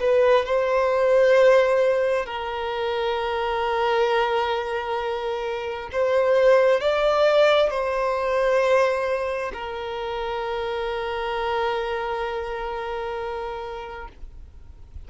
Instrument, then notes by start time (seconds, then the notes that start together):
violin
0.00 B4
0.45 C5
2.26 A#4
5.92 C5
6.81 D5
7.70 C5
9.54 A#4